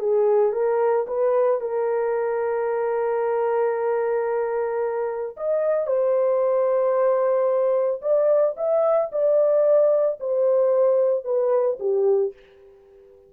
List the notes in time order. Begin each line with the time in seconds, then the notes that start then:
0.00 G#4
0.53 A#4
1.08 B4
1.61 A#4
5.37 D#5
5.87 C5
8.02 D5
8.57 E5
9.12 D5
10.21 C5
11.25 B4
11.80 G4